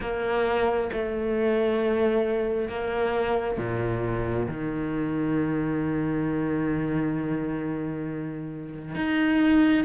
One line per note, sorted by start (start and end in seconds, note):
0.00 0.90 A#3
0.92 2.69 A3
2.69 3.57 A#3
3.57 4.47 A#2
4.48 8.95 D#3
8.95 9.84 D#4